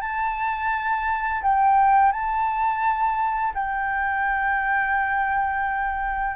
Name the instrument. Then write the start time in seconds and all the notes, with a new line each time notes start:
flute
0.00 A5
1.42 G5
2.12 A5
3.54 G5